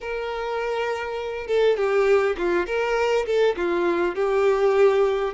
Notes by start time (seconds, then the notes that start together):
0.01 A#4
1.47 A4
1.76 G4
2.37 F4
2.66 A#4
3.25 A4
3.56 F4
4.15 G4